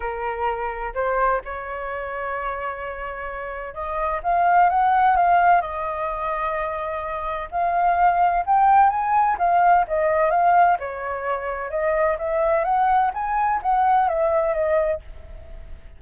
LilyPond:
\new Staff \with { instrumentName = "flute" } { \time 4/4 \tempo 4 = 128 ais'2 c''4 cis''4~ | cis''1 | dis''4 f''4 fis''4 f''4 | dis''1 |
f''2 g''4 gis''4 | f''4 dis''4 f''4 cis''4~ | cis''4 dis''4 e''4 fis''4 | gis''4 fis''4 e''4 dis''4 | }